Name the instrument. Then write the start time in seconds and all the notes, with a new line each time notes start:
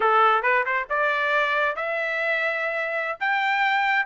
trumpet
0.00 A4
0.42 B4
0.65 C5
0.89 D5
1.76 E5
3.20 G5